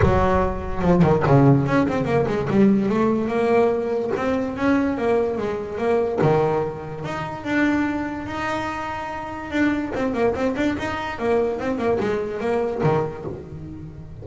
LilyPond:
\new Staff \with { instrumentName = "double bass" } { \time 4/4 \tempo 4 = 145 fis2 f8 dis8 cis4 | cis'8 c'8 ais8 gis8 g4 a4 | ais2 c'4 cis'4 | ais4 gis4 ais4 dis4~ |
dis4 dis'4 d'2 | dis'2. d'4 | c'8 ais8 c'8 d'8 dis'4 ais4 | c'8 ais8 gis4 ais4 dis4 | }